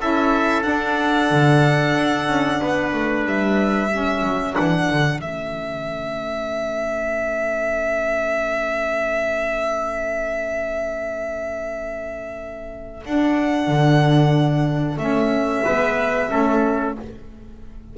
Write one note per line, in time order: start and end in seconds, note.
0.00 0.66 C#4
0.00 0.62 E4
0.00 2.62 A4
0.00 0.63 E5
0.62 3.88 D4
0.62 1.31 D4
0.62 3.24 F#5
1.31 1.95 D3
1.95 2.28 D4
2.28 2.60 C#4
2.62 2.93 B3
2.62 3.90 B4
2.93 3.25 A3
3.25 4.23 G3
3.25 4.55 E5
3.90 4.54 C#4
3.90 15.64 A4
4.24 4.56 F#3
4.54 4.90 E3
4.54 5.20 D4
4.54 5.20 F#5
4.90 5.21 D3
5.20 13.03 A3
5.20 13.02 C#4
5.20 13.04 E5
13.05 13.67 D4
13.05 15.00 D4
13.05 14.98 F#5
13.67 14.98 D3
14.98 15.63 A3
14.98 15.65 C#4
14.98 16.94 E5
15.64 16.32 G#3
15.64 16.29 B3
15.64 16.29 B4
16.29 16.98 A3
16.29 16.95 C#4
16.29 16.96 A4